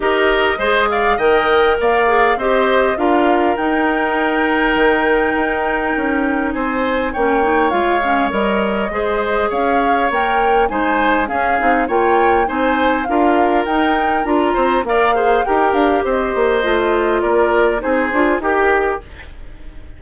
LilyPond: <<
  \new Staff \with { instrumentName = "flute" } { \time 4/4 \tempo 4 = 101 dis''4. f''8 g''4 f''4 | dis''4 f''4 g''2~ | g''2. gis''4 | g''4 f''4 dis''2 |
f''4 g''4 gis''4 f''4 | g''4 gis''4 f''4 g''4 | ais''4 f''4 g''8 f''8 dis''4~ | dis''4 d''4 c''4 ais'4 | }
  \new Staff \with { instrumentName = "oboe" } { \time 4/4 ais'4 c''8 d''8 dis''4 d''4 | c''4 ais'2.~ | ais'2. c''4 | cis''2. c''4 |
cis''2 c''4 gis'4 | cis''4 c''4 ais'2~ | ais'8 c''8 d''8 c''8 ais'4 c''4~ | c''4 ais'4 gis'4 g'4 | }
  \new Staff \with { instrumentName = "clarinet" } { \time 4/4 g'4 gis'4 ais'4. gis'8 | g'4 f'4 dis'2~ | dis'1 | cis'8 dis'8 f'8 cis'8 ais'4 gis'4~ |
gis'4 ais'4 dis'4 cis'8 dis'8 | f'4 dis'4 f'4 dis'4 | f'4 ais'8 gis'8 g'2 | f'2 dis'8 f'8 g'4 | }
  \new Staff \with { instrumentName = "bassoon" } { \time 4/4 dis'4 gis4 dis4 ais4 | c'4 d'4 dis'2 | dis4 dis'4 cis'4 c'4 | ais4 gis4 g4 gis4 |
cis'4 ais4 gis4 cis'8 c'8 | ais4 c'4 d'4 dis'4 | d'8 c'8 ais4 dis'8 d'8 c'8 ais8 | a4 ais4 c'8 d'8 dis'4 | }
>>